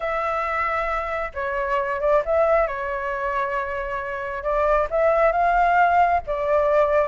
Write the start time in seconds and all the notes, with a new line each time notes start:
0.00 E5
1.33 C#5
2.00 D5
2.25 E5
2.67 C#5
4.43 D5
4.90 E5
5.32 F5
6.26 D5